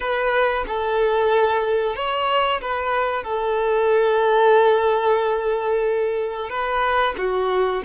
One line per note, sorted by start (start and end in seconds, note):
0.00 0.64 B4
0.67 1.95 A4
1.95 2.61 C#5
2.61 3.23 B4
3.23 6.49 A4
6.49 7.14 B4
7.17 7.83 F#4